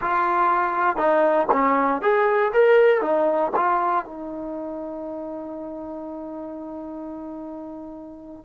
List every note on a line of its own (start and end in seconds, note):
0.01 0.96 F4
0.96 1.47 D#4
1.51 2.01 C#4
2.01 2.52 G#4
2.53 3.01 A#4
3.01 3.51 D#4
3.55 4.05 F4
4.05 8.45 D#4